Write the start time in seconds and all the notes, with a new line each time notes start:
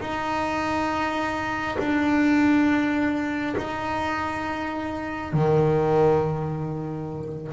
0.00 D#4
1.78 D4
3.57 D#4
5.33 D#3